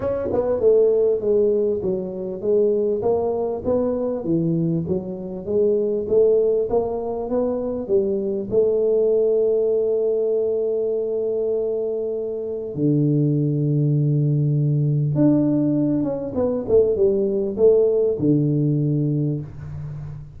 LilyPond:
\new Staff \with { instrumentName = "tuba" } { \time 4/4 \tempo 4 = 99 cis'8 b8 a4 gis4 fis4 | gis4 ais4 b4 e4 | fis4 gis4 a4 ais4 | b4 g4 a2~ |
a1~ | a4 d2.~ | d4 d'4. cis'8 b8 a8 | g4 a4 d2 | }